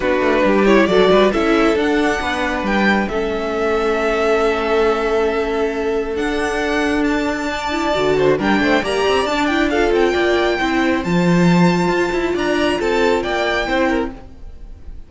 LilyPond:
<<
  \new Staff \with { instrumentName = "violin" } { \time 4/4 \tempo 4 = 136 b'4. cis''8 d''4 e''4 | fis''2 g''4 e''4~ | e''1~ | e''2 fis''2 |
a''2. g''4 | ais''4 a''8 g''8 f''8 g''4.~ | g''4 a''2. | ais''4 a''4 g''2 | }
  \new Staff \with { instrumentName = "violin" } { \time 4/4 fis'4 g'4 a'8 b'8 a'4~ | a'4 b'2 a'4~ | a'1~ | a'1~ |
a'4 d''4. c''8 ais'8 c''8 | d''2 a'4 d''4 | c''1 | d''4 a'4 d''4 c''8 ais'8 | }
  \new Staff \with { instrumentName = "viola" } { \time 4/4 d'4. e'8 fis'4 e'4 | d'2. cis'4~ | cis'1~ | cis'2 d'2~ |
d'4. e'8 fis'4 d'4 | g'4 d'8 e'8 f'2 | e'4 f'2.~ | f'2. e'4 | }
  \new Staff \with { instrumentName = "cello" } { \time 4/4 b8 a8 g4 fis8 g8 cis'4 | d'4 b4 g4 a4~ | a1~ | a2 d'2~ |
d'2 d4 g8 a8 | ais8 c'8 d'4. c'8 ais4 | c'4 f2 f'8 e'8 | d'4 c'4 ais4 c'4 | }
>>